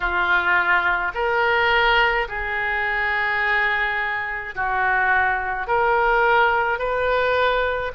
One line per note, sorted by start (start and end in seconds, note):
0.00 1.12 F4
1.14 2.27 A#4
2.28 4.54 G#4
4.55 5.67 F#4
5.67 6.78 A#4
6.78 7.91 B4